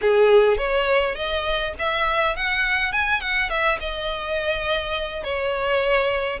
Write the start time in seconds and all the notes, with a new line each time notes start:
0.01 G#4
0.57 C#5
1.15 D#5
1.78 E5
2.36 F#5
2.92 G#5
3.20 F#5
3.49 E5
3.80 D#5
5.23 C#5